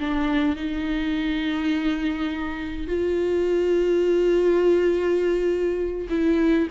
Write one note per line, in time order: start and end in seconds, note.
0.00 0.56 D4
0.56 2.87 D#4
2.87 6.08 F4
6.10 6.68 E4